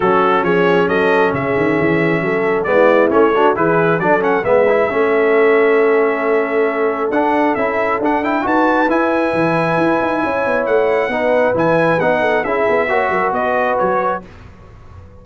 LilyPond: <<
  \new Staff \with { instrumentName = "trumpet" } { \time 4/4 \tempo 4 = 135 a'4 cis''4 dis''4 e''4~ | e''2 d''4 cis''4 | b'4 d''8 fis''8 e''2~ | e''1 |
fis''4 e''4 fis''8 g''8 a''4 | gis''1 | fis''2 gis''4 fis''4 | e''2 dis''4 cis''4 | }
  \new Staff \with { instrumentName = "horn" } { \time 4/4 fis'4 gis'4 a'4 gis'4~ | gis'4 a'4 e'4. fis'8 | gis'4 a'4 b'4 a'4~ | a'1~ |
a'2. b'4~ | b'2. cis''4~ | cis''4 b'2~ b'8 a'8 | gis'4 cis''8 ais'8 b'2 | }
  \new Staff \with { instrumentName = "trombone" } { \time 4/4 cis'1~ | cis'2 b4 cis'8 d'8 | e'4 d'8 cis'8 b8 e'8 cis'4~ | cis'1 |
d'4 e'4 d'8 e'8 fis'4 | e'1~ | e'4 dis'4 e'4 dis'4 | e'4 fis'2. | }
  \new Staff \with { instrumentName = "tuba" } { \time 4/4 fis4 f4 fis4 cis8 dis8 | e4 fis4 gis4 a4 | e4 fis4 gis4 a4~ | a1 |
d'4 cis'4 d'4 dis'4 | e'4 e4 e'8 dis'8 cis'8 b8 | a4 b4 e4 b4 | cis'8 b8 ais8 fis8 b4 fis4 | }
>>